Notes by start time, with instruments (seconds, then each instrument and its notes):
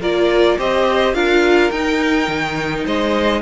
0.00 cello A#3, viola F4, violin A#4 D5
0.58 cello C4, viola G4, violin C5 D#5
1.14 cello D4, viola F4, violin A#4 F5
1.71 cello D#4, viola D#4, violin G5
2.28 cello D#3
2.85 cello G#3, violin C5 D#5